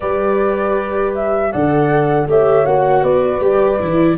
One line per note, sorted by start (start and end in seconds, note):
0.00 1.53 G3
0.00 1.52 G4
0.00 1.51 B4
0.00 1.13 D5
1.15 1.51 E5
1.51 2.26 D3
1.51 2.28 A4
1.51 2.27 D5
1.51 2.27 F#5
2.26 2.64 A3
2.26 2.65 G4
2.26 3.02 C#5
2.26 2.65 E5
2.65 3.02 A#3
2.65 3.41 F#4
2.65 3.03 F#5
3.02 3.40 B3
3.02 4.16 B4
3.02 4.17 D5
3.40 3.78 G3
3.40 3.78 G4
3.79 4.17 E3
3.79 4.17 E4